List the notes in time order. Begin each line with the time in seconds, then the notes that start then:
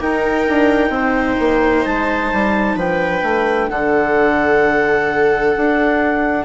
0.00 D#4 A#4 G5
0.48 D4
0.89 C4 C5
1.39 A#3
1.85 G#3 A5
2.32 G3
2.75 F3 D4 B4 G5
3.22 A3
3.70 D3 A4 F#5
5.56 D4